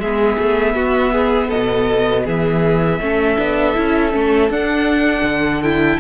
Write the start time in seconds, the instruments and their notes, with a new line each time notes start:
0.00 cello G#3, viola B3, violin G#4 E5
0.38 cello A3
0.75 cello B3, violin F#4
1.13 violin G#4
1.49 cello B2, violin A4 D#5
2.25 cello E3, violin G#4 E5
3.00 cello A3, viola C#4, violin A4
3.38 cello B3, viola D4
3.75 cello C#4, viola E4
4.12 cello A3, viola C#4
4.51 cello D4, viola D4, violin F#5
5.23 cello D3
5.62 viola E4, violin G5